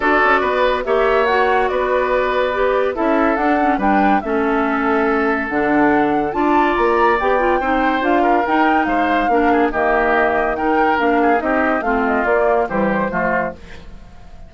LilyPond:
<<
  \new Staff \with { instrumentName = "flute" } { \time 4/4 \tempo 4 = 142 d''2 e''4 fis''4 | d''2. e''4 | fis''4 g''4 e''2~ | e''4 fis''2 a''4 |
ais''4 g''2 f''4 | g''4 f''2 dis''4~ | dis''4 g''4 f''4 dis''4 | f''8 dis''8 d''4 c''2 | }
  \new Staff \with { instrumentName = "oboe" } { \time 4/4 a'4 b'4 cis''2 | b'2. a'4~ | a'4 b'4 a'2~ | a'2. d''4~ |
d''2 c''4. ais'8~ | ais'4 c''4 ais'8 gis'8 g'4~ | g'4 ais'4. gis'8 g'4 | f'2 g'4 f'4 | }
  \new Staff \with { instrumentName = "clarinet" } { \time 4/4 fis'2 g'4 fis'4~ | fis'2 g'4 e'4 | d'8 cis'8 d'4 cis'2~ | cis'4 d'2 f'4~ |
f'4 g'8 f'8 dis'4 f'4 | dis'2 d'4 ais4~ | ais4 dis'4 d'4 dis'4 | c'4 ais4 g4 a4 | }
  \new Staff \with { instrumentName = "bassoon" } { \time 4/4 d'8 cis'8 b4 ais2 | b2. cis'4 | d'4 g4 a2~ | a4 d2 d'4 |
ais4 b4 c'4 d'4 | dis'4 gis4 ais4 dis4~ | dis2 ais4 c'4 | a4 ais4 e4 f4 | }
>>